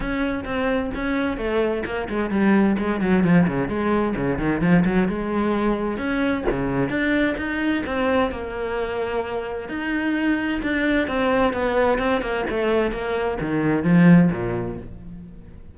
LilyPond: \new Staff \with { instrumentName = "cello" } { \time 4/4 \tempo 4 = 130 cis'4 c'4 cis'4 a4 | ais8 gis8 g4 gis8 fis8 f8 cis8 | gis4 cis8 dis8 f8 fis8 gis4~ | gis4 cis'4 cis4 d'4 |
dis'4 c'4 ais2~ | ais4 dis'2 d'4 | c'4 b4 c'8 ais8 a4 | ais4 dis4 f4 ais,4 | }